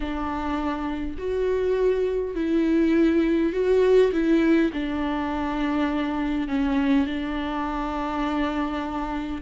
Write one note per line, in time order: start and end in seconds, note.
0.00 1.16 D4
1.18 2.35 F#4
2.35 3.52 E4
3.52 4.11 F#4
4.12 4.71 E4
4.73 6.48 D4
6.48 7.06 C#4
7.06 9.41 D4